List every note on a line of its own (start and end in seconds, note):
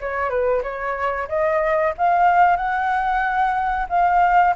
0.00 0.29 C#5
0.29 0.62 B4
0.63 1.28 C#5
1.28 1.94 D#5
1.97 2.56 F5
2.56 3.87 F#5
3.89 4.54 F5